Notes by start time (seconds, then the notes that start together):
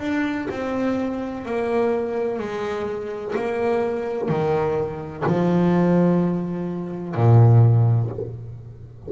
0.00 D4
0.51 C4
1.46 A#3
2.39 G#3
3.35 A#3
4.29 D#3
5.26 F3
7.15 A#2